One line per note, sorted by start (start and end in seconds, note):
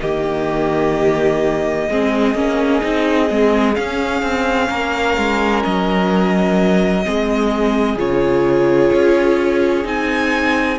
0.00 1.89 D#3
0.00 1.90 A#3
0.00 1.89 G4
0.00 3.75 D#5
1.89 2.35 G#3
1.89 2.35 C4
1.89 4.69 G#4
2.35 2.82 A#3
2.35 2.81 C#4
2.81 3.30 C4
2.81 3.28 D#4
3.30 3.77 G#3
3.30 3.75 C4
3.75 7.03 C#4
3.75 4.22 C#4
3.75 5.62 F5
4.22 4.69 C4
4.69 5.17 A#3
4.69 7.04 A#4
5.17 5.64 G#3
5.64 7.06 F#3
5.64 7.98 D#5
7.04 7.96 G#3
7.04 7.97 C4
7.04 10.79 G#4
7.96 8.90 C#3
7.96 9.84 F4
7.96 9.87 C#5
8.93 9.84 C#4
9.84 10.78 C4
9.84 10.78 D#4
9.84 10.79 G#5